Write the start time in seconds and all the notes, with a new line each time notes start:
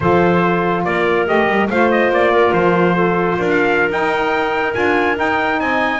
0.00 F3 F4 A4 C5
0.84 A#3 A#4 D5
1.26 A3 G4 D#5
1.47 G3
1.69 A3 F4 C5 F5
1.91 D#5
2.10 A#3 D5
2.32 A#4
2.53 F3 C5
2.95 A4
3.37 D4 A#4
3.49 F5
3.89 D#4 G5
4.74 D4 F4 G#5
5.15 D#4 G5
5.59 C4 D#5 G#5